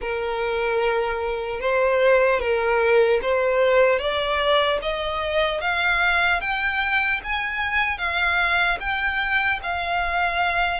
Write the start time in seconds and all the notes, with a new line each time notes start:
0.01 A#4
1.60 C5
2.40 A#4
3.22 C5
3.99 D5
4.82 D#5
5.60 F5
6.40 G5
7.23 G#5
7.98 F5
8.80 G5
9.63 F5